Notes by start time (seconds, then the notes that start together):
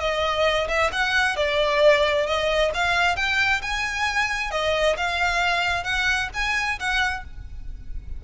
0.00 D#5
0.68 E5
0.92 F#5
1.36 D5
2.26 D#5
2.74 F5
3.16 G5
3.62 G#5
4.51 D#5
4.97 F5
5.84 F#5
6.34 G#5
6.79 F#5